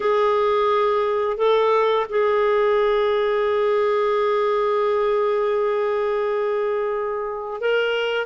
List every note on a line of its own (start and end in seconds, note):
0.00 1.37 G#4
1.37 2.06 A4
2.09 7.60 G#4
7.60 8.25 A#4